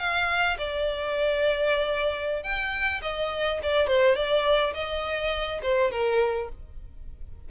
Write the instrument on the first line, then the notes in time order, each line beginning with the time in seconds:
violin
0.00 F5
0.59 D5
2.44 G5
3.03 D#5
3.63 D5
3.88 C5
4.16 D5
4.75 D#5
5.63 C5
5.92 A#4